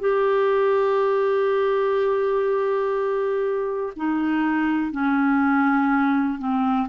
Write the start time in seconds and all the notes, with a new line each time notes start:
0.00 G4
3.96 D#4
4.92 C#4
6.39 C4